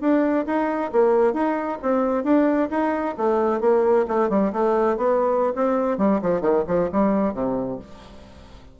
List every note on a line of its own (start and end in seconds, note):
0.00 0.45 D4
0.46 0.91 D#4
0.92 1.33 A#3
1.33 1.78 D#4
1.82 2.24 C4
2.24 2.69 D4
2.70 3.15 D#4
3.17 3.60 A3
3.60 4.05 A#3
4.07 4.29 A3
4.29 4.52 G3
4.52 4.97 A3
4.97 5.53 B3
5.55 5.98 C4
5.98 6.20 G3
6.22 6.41 F3
6.41 6.63 D#3
6.67 6.90 F3
6.92 7.33 G3
7.33 7.79 C3